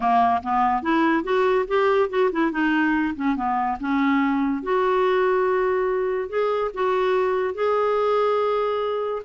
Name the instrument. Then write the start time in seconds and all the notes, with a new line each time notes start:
clarinet
0.00 A#3
0.42 B3
0.82 E4
1.23 F#4
1.67 G4
2.09 F#4
2.32 E4
2.51 D#4
3.15 C#4
3.36 B3
3.80 C#4
4.63 F#4
6.29 G#4
6.73 F#4
7.54 G#4